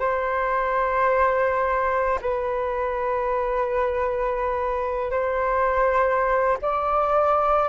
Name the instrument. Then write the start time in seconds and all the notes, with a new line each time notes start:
flute
0.00 C5
2.22 B4
5.11 C5
6.62 D5